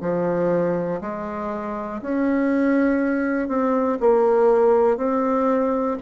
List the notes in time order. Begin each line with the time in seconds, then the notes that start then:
0.00 F3
1.00 G#3
2.01 C#4
3.48 C4
4.00 A#3
4.97 C4